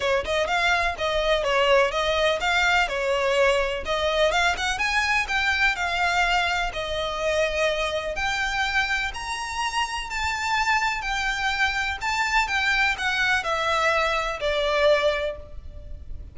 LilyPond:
\new Staff \with { instrumentName = "violin" } { \time 4/4 \tempo 4 = 125 cis''8 dis''8 f''4 dis''4 cis''4 | dis''4 f''4 cis''2 | dis''4 f''8 fis''8 gis''4 g''4 | f''2 dis''2~ |
dis''4 g''2 ais''4~ | ais''4 a''2 g''4~ | g''4 a''4 g''4 fis''4 | e''2 d''2 | }